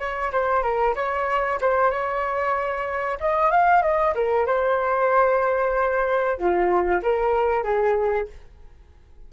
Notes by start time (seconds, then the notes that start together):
0.00 C#5
0.32 C5
0.63 A#4
0.96 C#5
1.62 C5
1.91 C#5
3.21 D#5
3.51 F5
3.83 D#5
4.15 A#4
4.47 C5
6.38 F4
7.03 A#4
7.64 G#4